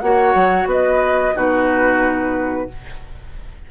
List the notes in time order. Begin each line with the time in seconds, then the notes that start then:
0.00 A#3 F#4 C#5 F#5
0.34 F#3
0.65 B3 B4 D#5
1.34 B2 D#4 F#4 B4